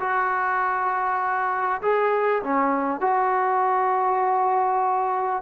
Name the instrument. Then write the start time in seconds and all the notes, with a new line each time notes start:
trombone
0.00 F#4
1.82 G#4
2.44 C#4
3.01 F#4